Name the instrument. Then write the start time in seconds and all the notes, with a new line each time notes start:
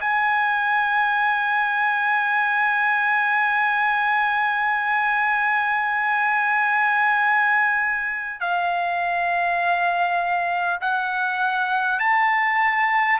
trumpet
0.00 G#5
8.41 F5
10.81 F#5
11.99 A5